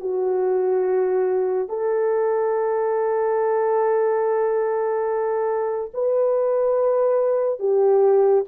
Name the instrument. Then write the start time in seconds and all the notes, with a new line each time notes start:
horn
0.00 F#4
1.69 A4
5.94 B4
7.59 G4